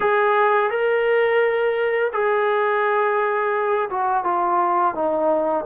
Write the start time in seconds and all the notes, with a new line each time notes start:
0.00 G#4
0.70 A#4
2.12 G#4
3.90 F#4
4.24 F4
4.94 D#4